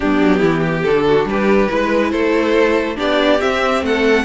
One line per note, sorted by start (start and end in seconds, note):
0.00 0.20 G3
0.00 0.87 B3
0.00 0.39 D4
0.00 0.83 G4
0.20 0.41 F#3
0.39 0.84 E3
0.39 0.60 E4
0.62 1.04 G4
0.83 1.25 D3
0.83 1.69 D4
0.83 1.25 A4
1.07 1.28 F#4
1.25 1.67 G3
1.25 1.71 G4
1.25 2.11 B4
1.69 2.12 G#3
1.69 2.96 E4
1.69 2.11 B4
2.11 2.97 A3
2.11 2.96 A4
2.11 2.96 C5
2.96 3.41 B3
2.96 3.38 D4
2.96 3.83 G4
2.96 3.40 D5
3.40 4.24 C4
3.40 3.82 C4
3.40 3.83 E5
3.82 4.24 A3
3.82 4.24 A4
3.82 4.24 F#5